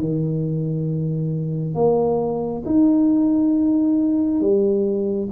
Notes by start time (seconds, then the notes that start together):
0.00 D#3
1.75 A#3
2.66 D#4
4.41 G3